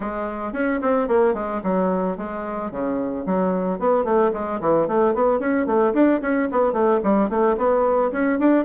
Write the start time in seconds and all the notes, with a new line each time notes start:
0.00 G#3
0.53 C#4
0.81 C4
1.08 A#3
1.34 G#3
1.63 F#3
2.17 G#3
2.71 C#3
3.26 F#3
3.79 B3
4.04 A3
4.33 G#3
4.61 E3
4.87 A3
5.14 B3
5.39 C#4
5.66 A3
5.93 D4
6.21 C#4
6.51 B3
6.72 A3
7.03 G3
7.29 A3
7.57 B3
8.12 C#4
8.39 D4